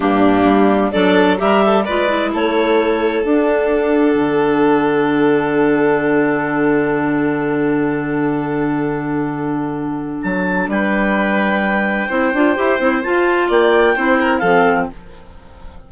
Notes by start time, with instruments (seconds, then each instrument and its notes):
0.00 bassoon G2, clarinet A#3 G4, violin D4
0.44 bassoon G3
0.91 bassoon F#3, clarinet D4 D5, violin A4
1.37 bassoon G3, clarinet G4 E5, violin A#4
1.65 violin A4
1.83 bassoon G#3, clarinet F4 D5, violin B4
2.08 clarinet E4
2.33 bassoon A3, violin A4, clarinet C#5
3.23 bassoon D4, clarinet D4 F#5
4.15 bassoon D3
10.22 bassoon F#3, clarinet A5
10.67 bassoon G3, violin B4, clarinet G5
12.07 bassoon C4, clarinet E4, violin C5
12.33 bassoon D4, clarinet F4
12.55 bassoon E4, clarinet G4
12.79 bassoon C4, clarinet E4
13.03 clarinet F4 A5, bassoon F4
13.48 bassoon A#3, violin D5, clarinet G5
13.95 bassoon C4, clarinet E4, violin C5
14.20 violin A#4
14.38 bassoon F3, violin A4, clarinet F5
14.45 clarinet C4